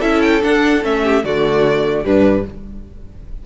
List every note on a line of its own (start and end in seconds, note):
0.00 0.43 C#4
0.00 0.41 E4
0.00 1.01 A4
0.00 0.22 E5
0.22 0.42 G5
0.41 0.81 D4
0.41 0.84 D4
0.41 0.84 F#5
0.83 1.24 A3
0.83 1.23 C#4
0.83 1.25 E5
1.04 1.24 G4
1.24 2.05 D3
1.24 2.04 A3
1.24 2.05 F#4
1.24 2.06 D5
2.04 2.45 G2
2.04 2.45 G3
2.04 2.45 D4
2.04 2.46 B4